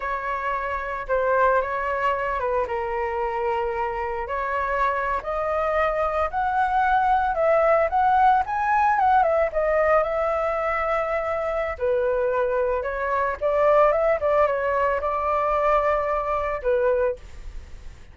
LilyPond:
\new Staff \with { instrumentName = "flute" } { \time 4/4 \tempo 4 = 112 cis''2 c''4 cis''4~ | cis''8 b'8 ais'2. | cis''4.~ cis''16 dis''2 fis''16~ | fis''4.~ fis''16 e''4 fis''4 gis''16~ |
gis''8. fis''8 e''8 dis''4 e''4~ e''16~ | e''2 b'2 | cis''4 d''4 e''8 d''8 cis''4 | d''2. b'4 | }